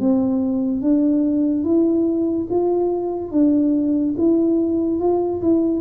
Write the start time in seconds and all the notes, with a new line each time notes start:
0.00 C4
0.82 D4
1.64 E4
2.50 F4
3.32 D4
4.18 E4
5.00 F4
5.42 E4